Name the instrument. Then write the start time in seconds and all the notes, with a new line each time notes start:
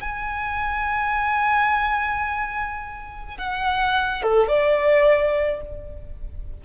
violin
0.00 G#5
3.38 F#5
4.22 A4
4.48 D5